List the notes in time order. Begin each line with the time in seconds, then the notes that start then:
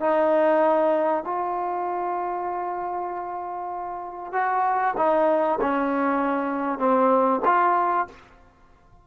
0.00 D#4
1.24 F4
4.32 F#4
4.97 D#4
5.61 C#4
6.78 C4
7.45 F4